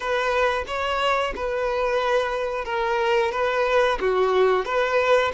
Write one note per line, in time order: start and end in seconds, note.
0.00 0.64 B4
0.67 1.33 C#5
1.35 2.65 B4
2.65 3.31 A#4
3.32 3.98 B4
4.00 4.65 F#4
4.65 5.32 B4